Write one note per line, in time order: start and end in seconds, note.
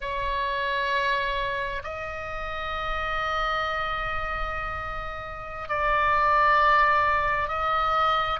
0.00 1.82 C#5
1.83 5.69 D#5
5.69 7.48 D5
7.48 8.39 D#5